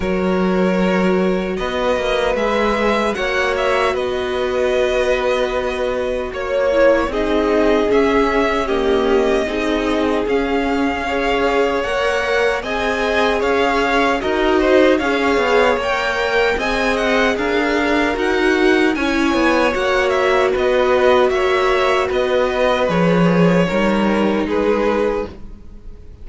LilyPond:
<<
  \new Staff \with { instrumentName = "violin" } { \time 4/4 \tempo 4 = 76 cis''2 dis''4 e''4 | fis''8 e''8 dis''2. | cis''4 dis''4 e''4 dis''4~ | dis''4 f''2 fis''4 |
gis''4 f''4 dis''4 f''4 | g''4 gis''8 fis''8 f''4 fis''4 | gis''4 fis''8 e''8 dis''4 e''4 | dis''4 cis''2 b'4 | }
  \new Staff \with { instrumentName = "violin" } { \time 4/4 ais'2 b'2 | cis''4 b'2. | cis''4 gis'2 g'4 | gis'2 cis''2 |
dis''4 cis''4 ais'8 c''8 cis''4~ | cis''4 dis''4 ais'2 | cis''2 b'4 cis''4 | b'2 ais'4 gis'4 | }
  \new Staff \with { instrumentName = "viola" } { \time 4/4 fis'2. gis'4 | fis'1~ | fis'8 e'8 dis'4 cis'4 ais4 | dis'4 cis'4 gis'4 ais'4 |
gis'2 fis'4 gis'4 | ais'4 gis'2 fis'4 | e'4 fis'2.~ | fis'4 gis'4 dis'2 | }
  \new Staff \with { instrumentName = "cello" } { \time 4/4 fis2 b8 ais8 gis4 | ais4 b2. | ais4 c'4 cis'2 | c'4 cis'2 ais4 |
c'4 cis'4 dis'4 cis'8 b8 | ais4 c'4 d'4 dis'4 | cis'8 b8 ais4 b4 ais4 | b4 f4 g4 gis4 | }
>>